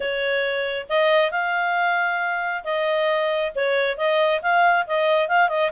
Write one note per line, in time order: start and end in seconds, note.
0.00 0.86 C#5
0.89 1.31 D#5
1.31 2.63 F5
2.64 3.52 D#5
3.55 3.97 C#5
3.97 4.41 D#5
4.42 4.86 F5
4.86 5.28 D#5
5.28 5.48 F5
5.48 5.71 D#5